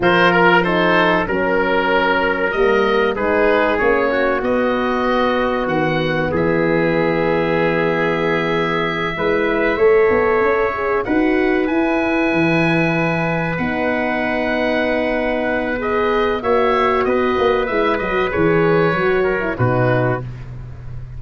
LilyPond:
<<
  \new Staff \with { instrumentName = "oboe" } { \time 4/4 \tempo 4 = 95 c''8 ais'8 c''4 ais'2 | dis''4 b'4 cis''4 dis''4~ | dis''4 fis''4 e''2~ | e''1~ |
e''4. fis''4 gis''4.~ | gis''4. fis''2~ fis''8~ | fis''4 dis''4 e''4 dis''4 | e''8 dis''8 cis''2 b'4 | }
  \new Staff \with { instrumentName = "trumpet" } { \time 4/4 ais'4 a'4 ais'2~ | ais'4 gis'4. fis'4.~ | fis'2 gis'2~ | gis'2~ gis'8 b'4 cis''8~ |
cis''4. b'2~ b'8~ | b'1~ | b'2 cis''4 b'4~ | b'2~ b'8 ais'8 fis'4 | }
  \new Staff \with { instrumentName = "horn" } { \time 4/4 f'4 dis'4 cis'2 | ais4 dis'4 cis'4 b4~ | b1~ | b2~ b8 e'4 a'8~ |
a'4 gis'8 fis'4 e'4.~ | e'4. dis'2~ dis'8~ | dis'4 gis'4 fis'2 | e'8 fis'8 gis'4 fis'8. e'16 dis'4 | }
  \new Staff \with { instrumentName = "tuba" } { \time 4/4 f2 fis2 | g4 gis4 ais4 b4~ | b4 dis4 e2~ | e2~ e8 gis4 a8 |
b8 cis'4 dis'4 e'4 e8~ | e4. b2~ b8~ | b2 ais4 b8 ais8 | gis8 fis8 e4 fis4 b,4 | }
>>